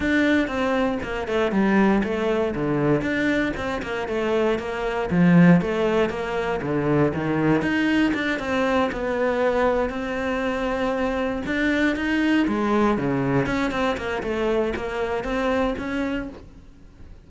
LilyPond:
\new Staff \with { instrumentName = "cello" } { \time 4/4 \tempo 4 = 118 d'4 c'4 ais8 a8 g4 | a4 d4 d'4 c'8 ais8 | a4 ais4 f4 a4 | ais4 d4 dis4 dis'4 |
d'8 c'4 b2 c'8~ | c'2~ c'8 d'4 dis'8~ | dis'8 gis4 cis4 cis'8 c'8 ais8 | a4 ais4 c'4 cis'4 | }